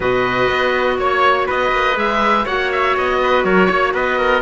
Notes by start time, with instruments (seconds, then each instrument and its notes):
0.00 cello B2, clarinet F#4, trumpet B4, oboe D#5
0.49 cello B3
0.98 cello A#3, oboe C#5, trumpet C#5
1.46 cello B3, trumpet B4, oboe D#5
1.71 cello A#3
1.95 cello G#3, clarinet G#4, oboe E5
2.44 cello A#3, clarinet F#4, trumpet C#5, oboe F#5
2.71 oboe E5
2.96 cello B3, oboe D#5
3.22 trumpet B4
3.44 cello F#3, trumpet A#4, oboe C#5
3.67 cello A#3, trumpet C#5
3.93 cello B3, trumpet B4, oboe D#5
4.18 trumpet A#4